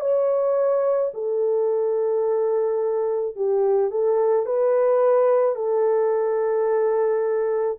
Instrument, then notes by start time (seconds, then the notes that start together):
horn
0.00 C#5
1.14 A4
3.35 G4
3.90 A4
4.45 B4
5.55 A4